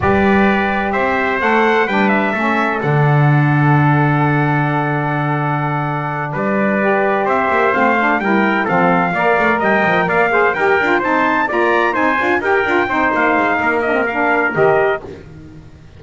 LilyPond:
<<
  \new Staff \with { instrumentName = "trumpet" } { \time 4/4 \tempo 4 = 128 d''2 e''4 fis''4 | g''8 e''4. fis''2~ | fis''1~ | fis''4. d''2 e''8~ |
e''8 f''4 g''4 f''4.~ | f''8 g''4 f''4 g''4 a''8~ | a''8 ais''4 gis''4 g''4. | f''4. dis''8 f''4 dis''4 | }
  \new Staff \with { instrumentName = "trumpet" } { \time 4/4 b'2 c''2 | b'4 a'2.~ | a'1~ | a'4. b'2 c''8~ |
c''4. ais'4 a'4 d''8~ | d''8 dis''4 d''8 c''8 ais'4 c''8~ | c''8 d''4 c''4 ais'4 c''8~ | c''4 ais'2. | }
  \new Staff \with { instrumentName = "saxophone" } { \time 4/4 g'2. a'4 | d'4 cis'4 d'2~ | d'1~ | d'2~ d'8 g'4.~ |
g'8 c'8 d'8 e'4 c'4 ais'8~ | ais'2 gis'8 g'8 f'8 dis'8~ | dis'8 f'4 dis'8 f'8 g'8 f'8 dis'8~ | dis'4. d'16 c'16 d'4 g'4 | }
  \new Staff \with { instrumentName = "double bass" } { \time 4/4 g2 c'4 a4 | g4 a4 d2~ | d1~ | d4. g2 c'8 |
ais8 a4 g4 f4 ais8 | a8 g8 f8 ais4 dis'8 d'8 c'8~ | c'8 ais4 c'8 d'8 dis'8 d'8 c'8 | ais8 gis8 ais2 dis4 | }
>>